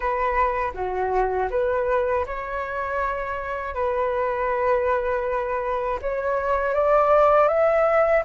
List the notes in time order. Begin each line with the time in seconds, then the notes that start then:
0.00 B4
0.73 F#4
1.50 B4
2.26 C#5
3.74 B4
6.01 C#5
6.74 D5
7.48 E5